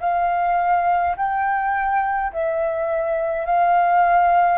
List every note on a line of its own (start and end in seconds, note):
0.00 1.15 F5
1.16 2.32 G5
2.32 3.46 E5
3.46 4.58 F5